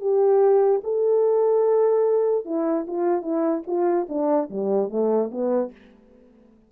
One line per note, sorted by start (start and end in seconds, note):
0.00 0.81 G4
0.83 2.45 A4
2.45 2.86 E4
2.87 3.22 F4
3.22 3.62 E4
3.67 4.07 F4
4.09 4.49 D4
4.50 4.89 G3
4.89 5.30 A3
5.31 5.71 B3